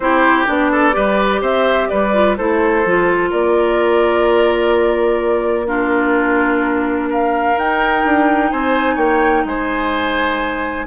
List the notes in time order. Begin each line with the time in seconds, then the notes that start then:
0.00 C4 E4 G4 C5
0.46 B3 D4 D5
0.71 A4
0.92 G3 G4 B4
1.41 C4 C5 E5
1.88 G3 B4 D5
2.13 F4
2.37 A3 E4 A4 C5
2.85 F3 F4
3.30 A#3 A#4 D5
5.67 D4 F4 A#4
7.09 A#4 F5
7.56 D#4 G5
8.04 D4
8.51 C4 C5 G#5
8.95 A#3 C#5 G5
9.44 G#3 C5 G#5